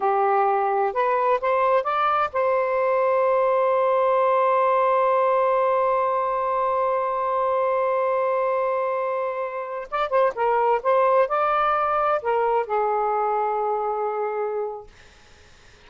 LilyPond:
\new Staff \with { instrumentName = "saxophone" } { \time 4/4 \tempo 4 = 129 g'2 b'4 c''4 | d''4 c''2.~ | c''1~ | c''1~ |
c''1~ | c''4~ c''16 d''8 c''8 ais'4 c''8.~ | c''16 d''2 ais'4 gis'8.~ | gis'1 | }